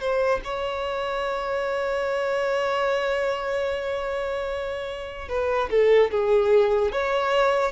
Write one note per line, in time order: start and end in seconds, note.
0.00 0.41 C5
0.44 5.29 C#5
5.29 5.69 B4
5.70 6.10 A4
6.10 6.91 G#4
6.91 7.72 C#5